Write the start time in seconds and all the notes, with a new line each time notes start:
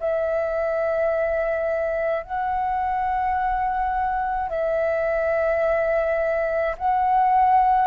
0.00 E5
2.24 F#5
4.50 E5
6.78 F#5